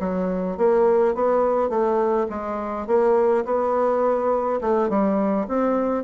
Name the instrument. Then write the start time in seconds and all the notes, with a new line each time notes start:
bassoon
0.00 F#3
0.58 A#3
1.15 B3
1.69 A3
2.30 G#3
2.87 A#3
3.45 B3
4.61 A3
4.90 G3
5.48 C4